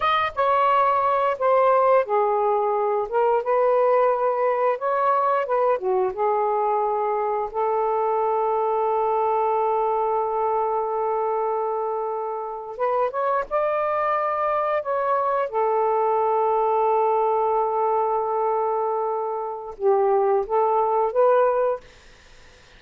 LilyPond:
\new Staff \with { instrumentName = "saxophone" } { \time 4/4 \tempo 4 = 88 dis''8 cis''4. c''4 gis'4~ | gis'8 ais'8 b'2 cis''4 | b'8 fis'8 gis'2 a'4~ | a'1~ |
a'2~ a'8. b'8 cis''8 d''16~ | d''4.~ d''16 cis''4 a'4~ a'16~ | a'1~ | a'4 g'4 a'4 b'4 | }